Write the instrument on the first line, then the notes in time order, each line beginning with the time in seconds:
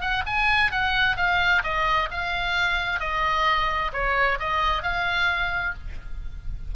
oboe
0.00 F#5
0.26 G#5
0.71 F#5
1.16 F5
1.63 D#5
2.10 F5
2.99 D#5
3.92 C#5
4.39 D#5
4.82 F5